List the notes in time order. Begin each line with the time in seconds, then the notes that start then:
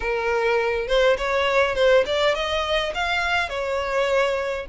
0.00 A#4
0.87 C5
1.17 C#5
1.75 C5
2.05 D5
2.34 D#5
2.94 F5
3.49 C#5